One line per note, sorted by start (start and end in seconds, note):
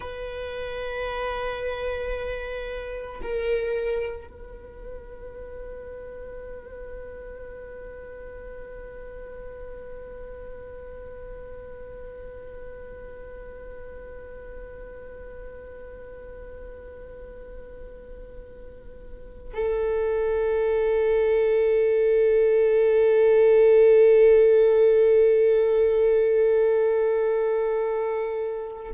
0.00 3.21 B4
3.22 4.27 A#4
4.27 19.53 B4
19.53 28.91 A4